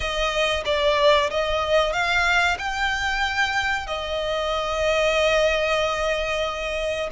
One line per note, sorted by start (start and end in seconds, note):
0.00 0.63 D#5
0.65 1.29 D5
1.30 1.92 D#5
1.92 2.57 F5
2.58 3.87 G5
3.87 7.09 D#5